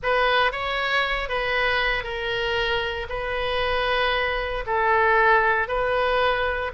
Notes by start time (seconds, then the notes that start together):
0.03 B4
0.52 C#5
1.29 B4
2.03 A#4
3.09 B4
4.66 A4
5.68 B4